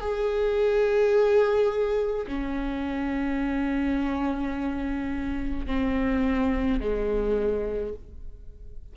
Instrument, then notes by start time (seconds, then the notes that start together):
viola
0.00 G#4
2.27 C#4
5.67 C4
6.80 G#3